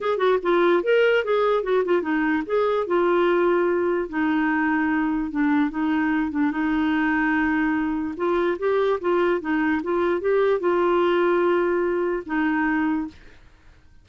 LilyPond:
\new Staff \with { instrumentName = "clarinet" } { \time 4/4 \tempo 4 = 147 gis'8 fis'8 f'4 ais'4 gis'4 | fis'8 f'8 dis'4 gis'4 f'4~ | f'2 dis'2~ | dis'4 d'4 dis'4. d'8 |
dis'1 | f'4 g'4 f'4 dis'4 | f'4 g'4 f'2~ | f'2 dis'2 | }